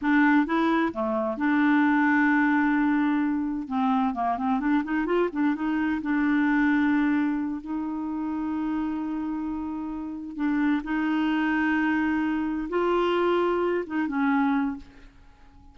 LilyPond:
\new Staff \with { instrumentName = "clarinet" } { \time 4/4 \tempo 4 = 130 d'4 e'4 a4 d'4~ | d'1 | c'4 ais8 c'8 d'8 dis'8 f'8 d'8 | dis'4 d'2.~ |
d'8 dis'2.~ dis'8~ | dis'2~ dis'8 d'4 dis'8~ | dis'2.~ dis'8 f'8~ | f'2 dis'8 cis'4. | }